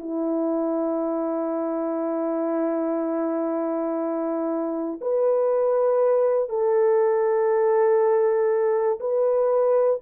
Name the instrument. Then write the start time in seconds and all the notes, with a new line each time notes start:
horn
0.00 E4
5.00 B4
6.49 A4
9.00 B4